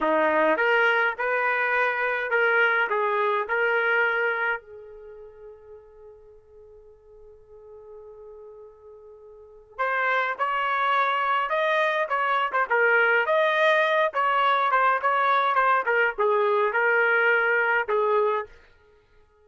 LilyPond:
\new Staff \with { instrumentName = "trumpet" } { \time 4/4 \tempo 4 = 104 dis'4 ais'4 b'2 | ais'4 gis'4 ais'2 | gis'1~ | gis'1~ |
gis'4 c''4 cis''2 | dis''4 cis''8. c''16 ais'4 dis''4~ | dis''8 cis''4 c''8 cis''4 c''8 ais'8 | gis'4 ais'2 gis'4 | }